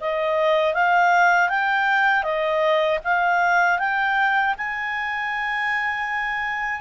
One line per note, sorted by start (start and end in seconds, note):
0.00 0.74 D#5
0.74 1.49 F5
1.49 2.23 G5
2.23 2.99 D#5
3.04 3.79 F5
3.79 4.55 G5
4.57 6.81 G#5